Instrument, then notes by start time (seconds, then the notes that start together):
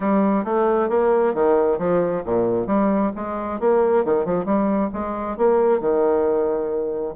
bassoon
0.00 G3
0.44 A3
0.89 A#3
1.34 D#3
1.78 F3
2.25 A#2
2.66 G3
3.15 G#3
3.59 A#3
4.04 D#3
4.25 F3
4.45 G3
4.93 G#3
5.37 A#3
5.80 D#3